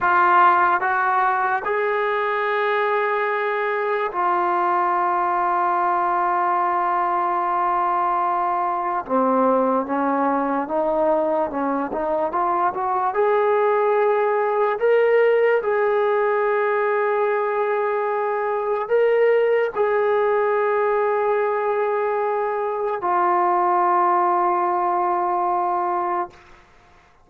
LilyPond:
\new Staff \with { instrumentName = "trombone" } { \time 4/4 \tempo 4 = 73 f'4 fis'4 gis'2~ | gis'4 f'2.~ | f'2. c'4 | cis'4 dis'4 cis'8 dis'8 f'8 fis'8 |
gis'2 ais'4 gis'4~ | gis'2. ais'4 | gis'1 | f'1 | }